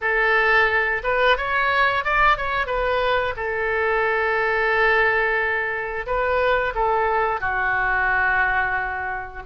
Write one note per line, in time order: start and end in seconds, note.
0.01 1.02 A4
1.03 1.37 B4
1.37 2.04 C#5
2.04 2.37 D5
2.37 2.66 C#5
2.66 3.34 B4
3.36 6.06 A4
6.06 6.73 B4
6.74 7.40 A4
7.40 9.42 F#4